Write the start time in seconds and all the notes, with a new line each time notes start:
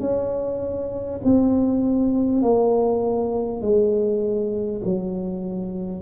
0.00 C#4
1.24 C4
2.42 A#3
3.61 G#3
4.84 F#3